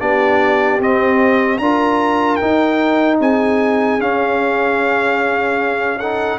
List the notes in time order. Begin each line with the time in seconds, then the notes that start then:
0.00 B3 D4 G4 D5
0.79 C4 D#5
1.58 D4 F4 A#4 A#5
2.35 D#4 G5
3.20 C4 G#4 G#5
3.99 C#4 F5
5.99 D#4 A4 F#5